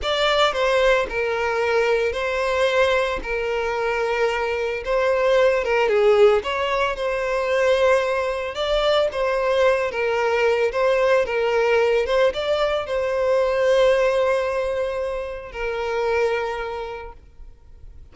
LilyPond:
\new Staff \with { instrumentName = "violin" } { \time 4/4 \tempo 4 = 112 d''4 c''4 ais'2 | c''2 ais'2~ | ais'4 c''4. ais'8 gis'4 | cis''4 c''2. |
d''4 c''4. ais'4. | c''4 ais'4. c''8 d''4 | c''1~ | c''4 ais'2. | }